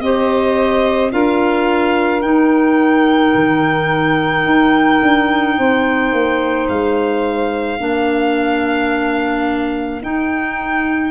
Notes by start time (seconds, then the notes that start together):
0.00 C4 G4 C5 D#5
1.11 D4 F4 A#4 F5
2.22 D#4 G5
3.34 D#3
4.45 D#4
5.02 D4
5.58 C4 C5
6.12 A#3
6.68 G#3 F5
7.78 A#3 D4 A#4
10.02 D#4 G5